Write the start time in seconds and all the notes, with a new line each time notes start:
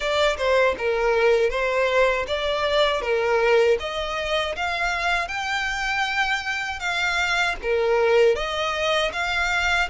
0.00 D5
0.37 C5
0.78 A#4
1.50 C5
2.27 D5
3.01 A#4
3.79 D#5
4.56 F5
5.28 G5
6.79 F5
7.62 A#4
8.35 D#5
9.12 F5